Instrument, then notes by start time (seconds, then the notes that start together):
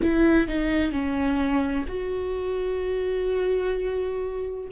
viola
0.02 E4
0.47 D#4
0.91 C#4
1.87 F#4